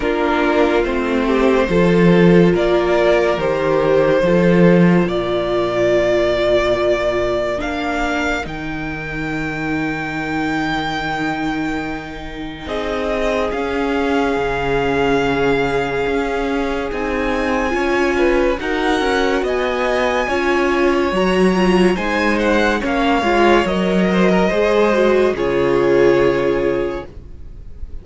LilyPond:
<<
  \new Staff \with { instrumentName = "violin" } { \time 4/4 \tempo 4 = 71 ais'4 c''2 d''4 | c''2 d''2~ | d''4 f''4 g''2~ | g''2. dis''4 |
f''1 | gis''2 fis''4 gis''4~ | gis''4 ais''4 gis''8 fis''8 f''4 | dis''2 cis''2 | }
  \new Staff \with { instrumentName = "violin" } { \time 4/4 f'4. g'8 a'4 ais'4~ | ais'4 a'4 ais'2~ | ais'1~ | ais'2. gis'4~ |
gis'1~ | gis'4 cis''8 b'8 ais'4 dis''4 | cis''2 c''4 cis''4~ | cis''8 c''16 ais'16 c''4 gis'2 | }
  \new Staff \with { instrumentName = "viola" } { \time 4/4 d'4 c'4 f'2 | g'4 f'2.~ | f'4 d'4 dis'2~ | dis'1 |
cis'1 | dis'4 f'4 fis'2 | f'4 fis'8 f'8 dis'4 cis'8 f'8 | ais'4 gis'8 fis'8 f'2 | }
  \new Staff \with { instrumentName = "cello" } { \time 4/4 ais4 a4 f4 ais4 | dis4 f4 ais,2~ | ais,4 ais4 dis2~ | dis2. c'4 |
cis'4 cis2 cis'4 | c'4 cis'4 dis'8 cis'8 b4 | cis'4 fis4 gis4 ais8 gis8 | fis4 gis4 cis2 | }
>>